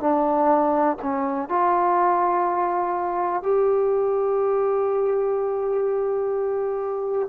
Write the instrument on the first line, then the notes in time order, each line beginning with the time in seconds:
trombone
0.00 D4
1.02 C#4
1.49 F4
3.43 G4